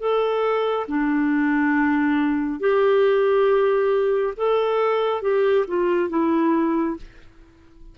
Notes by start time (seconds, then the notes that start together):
0.00 A4
0.88 D4
2.60 G4
4.37 A4
5.23 G4
5.68 F4
6.10 E4